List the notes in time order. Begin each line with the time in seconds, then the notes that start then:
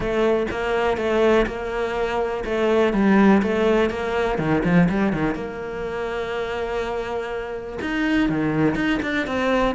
0.00 A3
0.50 A#3
0.97 A3
1.46 A#3
2.44 A3
2.93 G3
3.42 A3
3.90 A#3
4.38 D#3
4.64 F3
4.89 G3
5.12 D#3
5.35 A#3
7.81 D#4
8.29 D#3
8.75 D#4
9.02 D4
9.26 C4